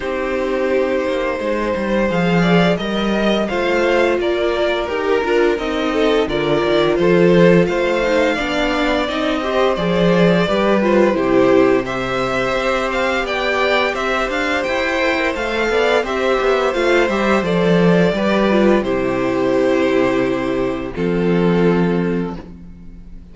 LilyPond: <<
  \new Staff \with { instrumentName = "violin" } { \time 4/4 \tempo 4 = 86 c''2. f''4 | dis''4 f''4 d''4 ais'4 | dis''4 d''4 c''4 f''4~ | f''4 dis''4 d''4. c''8~ |
c''4 e''4. f''8 g''4 | e''8 f''8 g''4 f''4 e''4 | f''8 e''8 d''2 c''4~ | c''2 a'2 | }
  \new Staff \with { instrumentName = "violin" } { \time 4/4 g'2 c''4. d''8 | dis''4 c''4 ais'2~ | ais'8 a'8 ais'4 a'4 c''4 | d''4. c''4. b'4 |
g'4 c''2 d''4 | c''2~ c''8 d''8 c''4~ | c''2 b'4 g'4~ | g'2 f'2 | }
  \new Staff \with { instrumentName = "viola" } { \time 4/4 dis'2. gis'4 | ais'4 f'2 g'8 f'8 | dis'4 f'2~ f'8 dis'8 | d'4 dis'8 g'8 gis'4 g'8 f'8 |
e'4 g'2.~ | g'4. a'16 ais'16 a'4 g'4 | f'8 g'8 a'4 g'8 f'8 e'4~ | e'2 c'2 | }
  \new Staff \with { instrumentName = "cello" } { \time 4/4 c'4. ais8 gis8 g8 f4 | g4 a4 ais4 dis'8 d'8 | c'4 d8 dis8 f4 a4 | b4 c'4 f4 g4 |
c2 c'4 b4 | c'8 d'8 e'4 a8 b8 c'8 b8 | a8 g8 f4 g4 c4~ | c2 f2 | }
>>